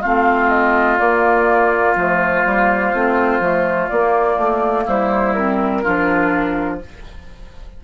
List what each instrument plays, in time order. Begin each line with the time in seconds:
0.00 bassoon A3, clarinet C4, oboe F4, flute F5
0.49 flute D#5
0.98 clarinet A#3, bassoon A#3, flute D5
1.95 bassoon F3, clarinet A3, flute C5
2.45 bassoon G3, clarinet A#3
2.94 bassoon A3, clarinet C4
3.40 bassoon F3, clarinet A3
3.88 bassoon A#3, clarinet A#3, flute D5
4.37 bassoon A3
4.86 bassoon G3, oboe E4, flute C5
5.34 clarinet C4, flute A#4
5.82 bassoon F3, clarinet D4, oboe F4